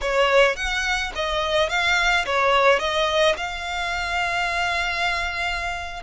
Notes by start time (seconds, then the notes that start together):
0.01 C#5
0.56 F#5
1.15 D#5
1.69 F5
2.25 C#5
2.79 D#5
3.36 F5